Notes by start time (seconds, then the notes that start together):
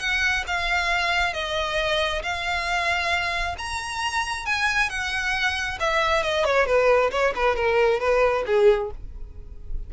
0.00 F#5
0.47 F5
1.34 D#5
2.23 F5
3.59 A#5
4.46 G#5
4.90 F#5
5.80 E5
6.23 D#5
6.45 C#5
6.66 B4
7.12 C#5
7.36 B4
7.56 A#4
8.00 B4
8.47 G#4